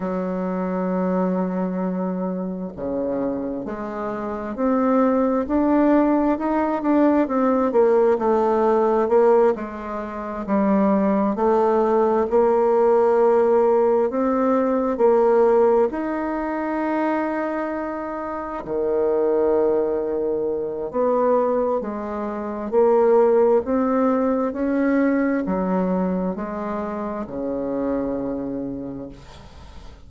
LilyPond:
\new Staff \with { instrumentName = "bassoon" } { \time 4/4 \tempo 4 = 66 fis2. cis4 | gis4 c'4 d'4 dis'8 d'8 | c'8 ais8 a4 ais8 gis4 g8~ | g8 a4 ais2 c'8~ |
c'8 ais4 dis'2~ dis'8~ | dis'8 dis2~ dis8 b4 | gis4 ais4 c'4 cis'4 | fis4 gis4 cis2 | }